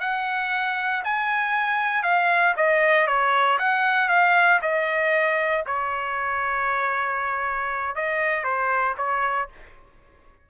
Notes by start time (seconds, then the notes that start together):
0.00 F#5
1.04 G#5
2.03 F5
2.56 D#5
3.07 C#5
3.59 F#5
4.08 F5
4.62 D#5
5.66 C#5
7.95 D#5
8.43 C5
8.97 C#5